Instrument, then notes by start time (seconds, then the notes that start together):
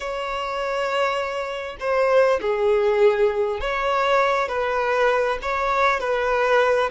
violin
0.00 C#5
1.79 C5
2.41 G#4
3.60 C#5
4.48 B4
5.42 C#5
6.00 B4